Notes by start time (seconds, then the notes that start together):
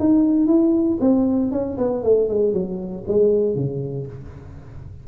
0.00 D#4
0.47 E4
1.01 C4
1.52 C#4
1.78 B3
2.04 A3
2.29 G#3
2.54 F#3
3.08 G#3
3.56 C#3